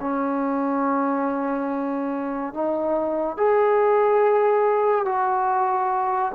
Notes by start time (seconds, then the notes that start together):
0.00 C#4
2.54 D#4
3.37 G#4
5.06 F#4